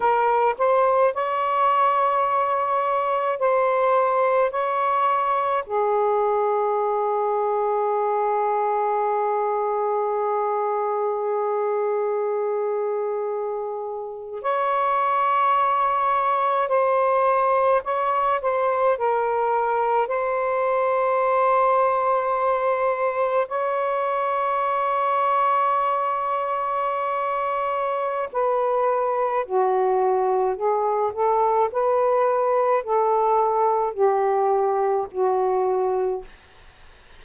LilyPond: \new Staff \with { instrumentName = "saxophone" } { \time 4/4 \tempo 4 = 53 ais'8 c''8 cis''2 c''4 | cis''4 gis'2.~ | gis'1~ | gis'8. cis''2 c''4 cis''16~ |
cis''16 c''8 ais'4 c''2~ c''16~ | c''8. cis''2.~ cis''16~ | cis''4 b'4 fis'4 gis'8 a'8 | b'4 a'4 g'4 fis'4 | }